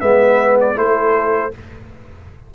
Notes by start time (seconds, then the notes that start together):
0.00 G#3 B3 B4 E5
0.60 D5
0.75 A3 E4 A4 C5